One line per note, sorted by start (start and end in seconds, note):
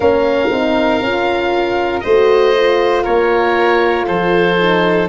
0.00 0.49 A#3
0.00 0.49 C#4
0.00 2.03 A#4
0.00 2.00 F5
0.50 1.01 C4
0.50 1.02 D#4
1.01 2.03 C#4
1.01 2.04 F4
2.00 3.06 A3
2.00 2.56 F#4
2.00 3.03 C5
2.00 3.02 D#5
2.56 4.58 F4
3.03 4.08 A#3
3.03 4.05 A#4
3.03 4.06 C#5
4.07 5.09 F3
4.07 5.09 A4
4.07 5.08 C5
4.58 5.09 D#4